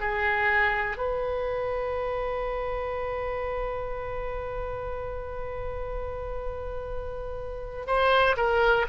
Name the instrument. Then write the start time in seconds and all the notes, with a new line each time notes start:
oboe
0.00 G#4
0.97 B4
7.87 C5
8.37 A#4